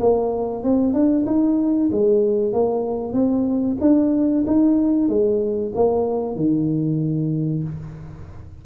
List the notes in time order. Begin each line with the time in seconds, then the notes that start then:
0.00 A#3
0.64 C4
0.93 D4
1.26 D#4
1.91 G#3
2.53 A#3
3.13 C4
3.81 D4
4.47 D#4
5.09 G#3
5.75 A#3
6.36 D#3